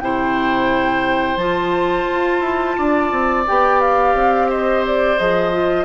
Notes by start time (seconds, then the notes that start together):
0.00 C3 E4 C5 G5
1.36 F3 F4 A5
2.12 F4
2.41 E4
2.78 D4 D5
3.12 C4
3.47 B3 G4 G5
3.81 F5
4.15 C4
4.49 C5 D#5
4.86 D5
5.18 F3 G#4 D#5
5.53 F4